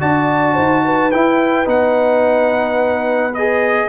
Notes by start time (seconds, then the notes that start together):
0.00 D4 F#4 D5 A5
0.54 D#4 C5
0.84 B4
1.11 E4 G5
1.65 B3 D#4 F#5
3.34 G#4 D#5